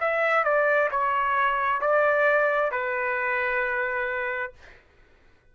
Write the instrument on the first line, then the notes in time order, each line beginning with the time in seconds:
trumpet
0.00 E5
0.44 D5
0.91 C#5
1.81 D5
2.71 B4